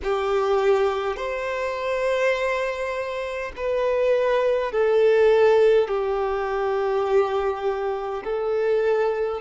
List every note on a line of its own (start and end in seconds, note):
0.03 1.16 G4
1.16 3.51 C5
3.56 4.72 B4
4.72 5.88 A4
5.88 8.23 G4
8.24 9.41 A4